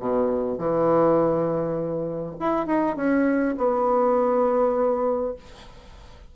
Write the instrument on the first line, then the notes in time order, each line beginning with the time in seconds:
bassoon
0.00 B2
0.58 E3
2.40 E4
2.67 D#4
2.96 C#4
3.58 B3